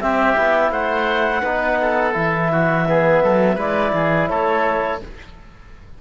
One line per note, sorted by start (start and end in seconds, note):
0.00 0.36 C4
0.00 0.72 G4
0.00 0.71 E5
0.36 0.70 B3
0.36 1.43 E4
0.70 1.42 A3
0.70 1.42 C5
0.70 2.14 F#5
1.42 2.15 B3
1.42 2.13 D#4
1.42 1.78 B4
1.81 2.51 A4
2.13 3.22 E3
2.13 2.84 E4
2.13 3.59 E5
2.51 2.87 F#4
2.87 3.58 B3
2.87 3.23 G#4
3.23 3.57 F#3
3.23 3.55 A4
3.55 3.92 G#3
3.55 5.00 E4
3.55 3.91 B4
3.55 4.28 D5
3.93 4.29 E3
3.93 4.29 G#4
4.28 5.01 A3
4.28 5.01 A4
4.28 4.99 C#5